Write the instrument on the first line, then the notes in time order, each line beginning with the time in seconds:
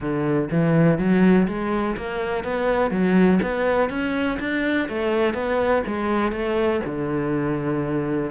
cello
0.00 D3
0.51 E3
0.98 F#3
1.47 G#3
1.96 A#3
2.44 B3
2.90 F#3
3.42 B3
3.89 C#4
4.39 D4
4.88 A3
5.33 B3
5.87 G#3
6.32 A3
6.85 D3